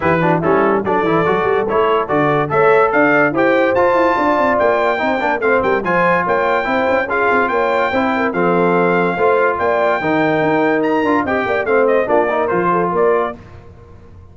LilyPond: <<
  \new Staff \with { instrumentName = "trumpet" } { \time 4/4 \tempo 4 = 144 b'4 a'4 d''2 | cis''4 d''4 e''4 f''4 | g''4 a''2 g''4~ | g''4 f''8 g''8 gis''4 g''4~ |
g''4 f''4 g''2 | f''2. g''4~ | g''2 ais''4 g''4 | f''8 dis''8 d''4 c''4 d''4 | }
  \new Staff \with { instrumentName = "horn" } { \time 4/4 g'8 fis'8 e'4 a'2~ | a'2 cis''4 d''4 | c''2 d''2 | c''8 ais'8 c''8 ais'8 c''4 cis''4 |
c''4 gis'4 cis''4 c''8 ais'8 | a'2 c''4 d''4 | ais'2. dis''8 d''8 | c''4 f'8 ais'4 a'8 ais'4 | }
  \new Staff \with { instrumentName = "trombone" } { \time 4/4 e'8 d'8 cis'4 d'8 e'8 fis'4 | e'4 fis'4 a'2 | g'4 f'2. | dis'8 d'8 c'4 f'2 |
e'4 f'2 e'4 | c'2 f'2 | dis'2~ dis'8 f'8 g'4 | c'4 d'8 dis'8 f'2 | }
  \new Staff \with { instrumentName = "tuba" } { \time 4/4 e4 g4 fis8 e8 fis8 g8 | a4 d4 a4 d'4 | e'4 f'8 e'8 d'8 c'8 ais4 | c'8 ais8 a8 g8 f4 ais4 |
c'8 cis'4 c'8 ais4 c'4 | f2 a4 ais4 | dis4 dis'4. d'8 c'8 ais8 | a4 ais4 f4 ais4 | }
>>